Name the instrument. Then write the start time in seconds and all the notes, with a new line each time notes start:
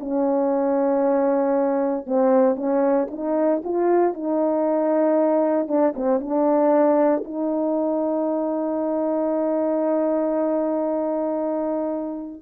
horn
0.00 C#4
2.07 C4
2.56 C#4
3.11 D#4
3.65 F4
4.14 D#4
5.68 D4
5.96 C4
6.21 D4
7.25 D#4